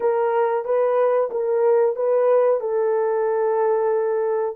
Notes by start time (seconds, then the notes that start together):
0.00 A#4
0.64 B4
1.30 A#4
1.96 B4
2.60 A4